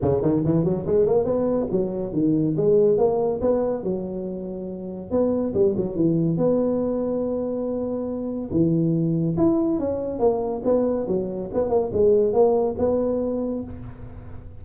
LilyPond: \new Staff \with { instrumentName = "tuba" } { \time 4/4 \tempo 4 = 141 cis8 dis8 e8 fis8 gis8 ais8 b4 | fis4 dis4 gis4 ais4 | b4 fis2. | b4 g8 fis8 e4 b4~ |
b1 | e2 e'4 cis'4 | ais4 b4 fis4 b8 ais8 | gis4 ais4 b2 | }